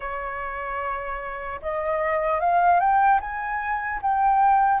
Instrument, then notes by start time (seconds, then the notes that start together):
flute
0.00 C#5
1.61 D#5
2.40 F5
2.80 G5
3.20 G#5
4.02 G5